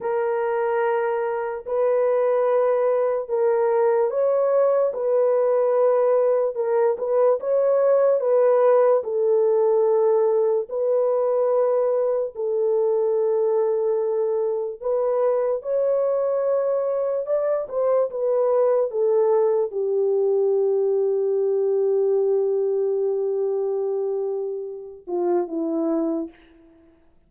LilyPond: \new Staff \with { instrumentName = "horn" } { \time 4/4 \tempo 4 = 73 ais'2 b'2 | ais'4 cis''4 b'2 | ais'8 b'8 cis''4 b'4 a'4~ | a'4 b'2 a'4~ |
a'2 b'4 cis''4~ | cis''4 d''8 c''8 b'4 a'4 | g'1~ | g'2~ g'8 f'8 e'4 | }